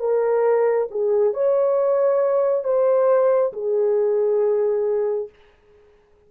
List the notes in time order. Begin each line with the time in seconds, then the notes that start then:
0.00 A#4
0.91 G#4
1.34 C#5
2.64 C5
3.53 G#4